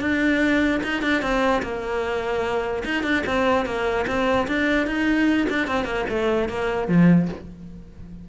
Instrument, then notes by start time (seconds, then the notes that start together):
cello
0.00 D4
0.83 D#4
1.02 D4
1.22 C4
1.62 A#3
2.85 D#4
3.03 D4
3.26 C4
3.65 A#3
4.07 C4
4.47 D4
4.86 D#4
5.49 D4
5.67 C4
5.85 A#3
6.09 A3
6.48 A#3
6.88 F3